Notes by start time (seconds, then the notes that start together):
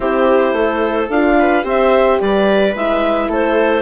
0.00 C4 E4 G4 C5
0.52 A3 A4
1.09 D4 F4 F5
1.39 B4
1.62 C4 G4 C5 E5
2.20 G3 B4 D5
2.75 G#3 E4 E5
3.28 A3 A4 C5